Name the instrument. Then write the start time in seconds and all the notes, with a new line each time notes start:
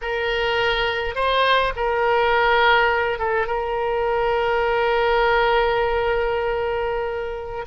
oboe
0.01 A#4
1.15 C5
1.75 A#4
3.18 A4
3.46 A#4